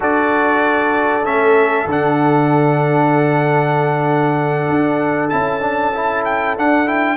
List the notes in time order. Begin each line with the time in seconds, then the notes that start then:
0.00 D4 F#4 A4 D5
1.24 A3 C#4 E5
1.85 D3 D4
1.91 F#5
4.69 D4
5.29 C#4 E4 A5
5.61 D4
5.94 E4
6.24 G5
6.56 D4 F#5
6.85 E4 G5